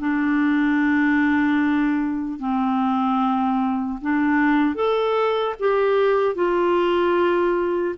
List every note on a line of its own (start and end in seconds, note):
0.00 2.39 D4
2.39 3.99 C4
4.02 4.75 D4
4.75 5.55 A4
5.60 6.35 G4
6.35 7.95 F4